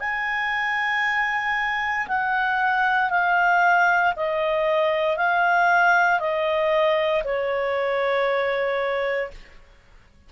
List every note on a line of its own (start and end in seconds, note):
0.00 2.07 G#5
2.07 3.10 F#5
3.10 4.13 F5
4.16 5.17 D#5
5.17 6.19 F5
6.19 7.23 D#5
7.24 9.31 C#5